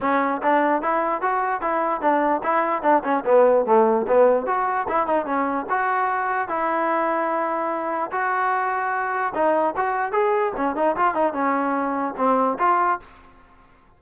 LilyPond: \new Staff \with { instrumentName = "trombone" } { \time 4/4 \tempo 4 = 148 cis'4 d'4 e'4 fis'4 | e'4 d'4 e'4 d'8 cis'8 | b4 a4 b4 fis'4 | e'8 dis'8 cis'4 fis'2 |
e'1 | fis'2. dis'4 | fis'4 gis'4 cis'8 dis'8 f'8 dis'8 | cis'2 c'4 f'4 | }